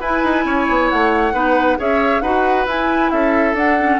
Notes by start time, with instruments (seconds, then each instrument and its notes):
0.00 bassoon E4, clarinet E4, oboe B4, flute G#5
0.24 bassoon D#4
0.45 bassoon C#4, oboe C#5
0.69 bassoon B3
0.90 bassoon A3, flute F#5
1.33 bassoon B3, clarinet D#4, oboe B4
1.78 bassoon C#4, clarinet G#4, oboe C#5, flute E5
2.21 bassoon D#4, clarinet F#4, oboe B4, flute F#5
2.66 bassoon E4, clarinet E4, flute G#5
3.10 bassoon C#4, oboe A4, flute E5
3.54 bassoon D4, clarinet D4, flute F#5
3.79 clarinet C#4